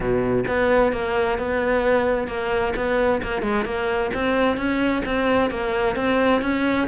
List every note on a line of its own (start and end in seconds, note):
0.00 0.44 B2
0.47 0.92 B3
0.92 1.38 A#3
1.38 2.27 B3
2.27 2.73 A#3
2.76 3.21 B3
3.22 3.42 A#3
3.42 3.64 G#3
3.64 4.10 A#3
4.14 4.57 C4
4.57 5.02 C#4
5.05 5.50 C4
5.50 5.95 A#3
5.95 6.41 C4
6.41 6.87 C#4